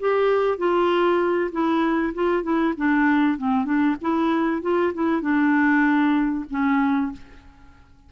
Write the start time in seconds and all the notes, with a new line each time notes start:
0.00 G4
0.58 F4
1.52 E4
2.15 F4
2.43 E4
2.78 D4
3.38 C4
3.65 D4
4.02 E4
4.62 F4
4.94 E4
5.22 D4
6.50 C#4